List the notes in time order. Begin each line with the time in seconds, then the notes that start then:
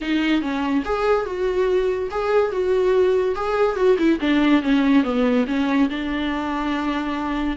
0.01 D#4
0.41 C#4
0.84 G#4
1.25 F#4
2.10 G#4
2.51 F#4
3.35 G#4
3.76 F#4
3.98 E4
4.20 D4
4.62 C#4
5.03 B3
5.47 C#4
5.89 D4